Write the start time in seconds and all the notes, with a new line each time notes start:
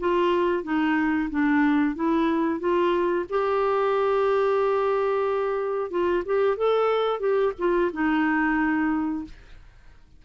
0.00 F4
0.64 D#4
1.31 D4
1.96 E4
2.60 F4
3.30 G4
5.91 F4
6.26 G4
6.57 A4
7.20 G4
7.59 F4
7.93 D#4